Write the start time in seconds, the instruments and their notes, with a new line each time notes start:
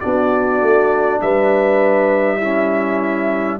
0.00 tuba B3, trombone D4, horn F#4, trumpet D5
0.61 tuba A3
1.21 tuba G3, horn B4, trumpet E5
2.37 trombone C#4, horn E4